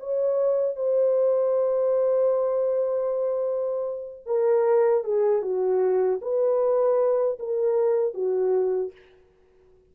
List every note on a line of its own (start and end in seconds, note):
0.00 0.76 C#5
0.76 4.26 C5
4.26 5.04 A#4
5.04 5.42 G#4
5.42 6.20 F#4
6.22 7.39 B4
7.40 8.15 A#4
8.15 8.92 F#4